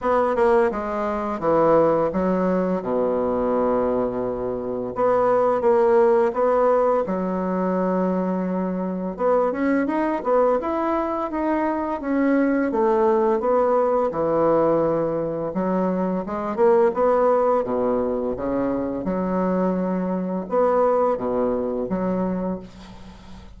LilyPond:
\new Staff \with { instrumentName = "bassoon" } { \time 4/4 \tempo 4 = 85 b8 ais8 gis4 e4 fis4 | b,2. b4 | ais4 b4 fis2~ | fis4 b8 cis'8 dis'8 b8 e'4 |
dis'4 cis'4 a4 b4 | e2 fis4 gis8 ais8 | b4 b,4 cis4 fis4~ | fis4 b4 b,4 fis4 | }